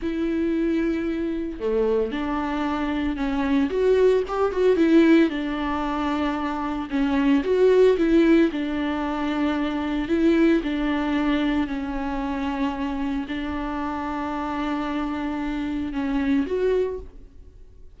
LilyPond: \new Staff \with { instrumentName = "viola" } { \time 4/4 \tempo 4 = 113 e'2. a4 | d'2 cis'4 fis'4 | g'8 fis'8 e'4 d'2~ | d'4 cis'4 fis'4 e'4 |
d'2. e'4 | d'2 cis'2~ | cis'4 d'2.~ | d'2 cis'4 fis'4 | }